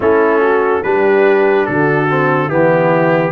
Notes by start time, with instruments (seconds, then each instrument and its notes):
0.00 tuba A3, trombone C#4, horn E4, trumpet A4
0.40 horn F#4
0.83 tuba G3, trombone D4, horn G4, trumpet B4
1.66 tuba D3, horn F#4, trumpet A4
2.09 trombone C4
2.47 tuba E3, trombone B3, horn E4, trumpet G4